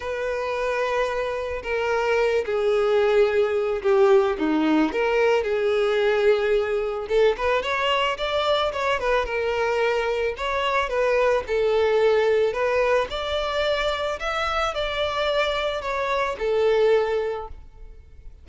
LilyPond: \new Staff \with { instrumentName = "violin" } { \time 4/4 \tempo 4 = 110 b'2. ais'4~ | ais'8 gis'2~ gis'8 g'4 | dis'4 ais'4 gis'2~ | gis'4 a'8 b'8 cis''4 d''4 |
cis''8 b'8 ais'2 cis''4 | b'4 a'2 b'4 | d''2 e''4 d''4~ | d''4 cis''4 a'2 | }